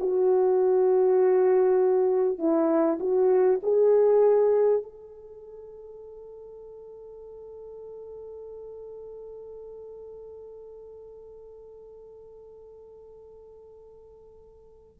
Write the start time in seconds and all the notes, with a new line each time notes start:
0.00 F#4
2.38 E4
3.00 F#4
3.63 G#4
4.83 A4